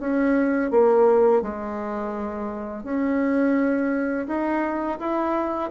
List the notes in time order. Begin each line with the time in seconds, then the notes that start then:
0.00 C#4
0.71 A#3
1.42 G#3
2.83 C#4
4.27 D#4
4.99 E4